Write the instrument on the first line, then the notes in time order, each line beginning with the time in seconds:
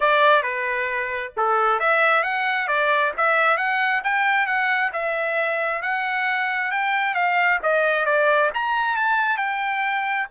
trumpet
0.00 D5
0.42 B4
1.36 A4
1.79 E5
2.23 F#5
2.67 D5
3.17 E5
3.57 F#5
4.04 G5
4.46 F#5
4.92 E5
5.81 F#5
6.71 G5
7.14 F5
7.62 D#5
8.05 D5
8.54 A#5
8.96 A5
9.37 G5